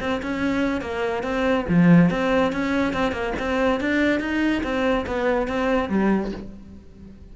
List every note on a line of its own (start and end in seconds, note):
0.00 0.21 C4
0.22 0.81 C#4
0.81 1.23 A#3
1.23 1.66 C4
1.69 2.10 F3
2.10 2.52 C4
2.52 2.93 C#4
2.93 3.12 C4
3.12 3.33 A#3
3.39 3.80 C4
3.80 4.20 D4
4.20 4.62 D#4
4.63 5.06 C4
5.06 5.48 B3
5.48 5.89 C4
5.89 6.31 G3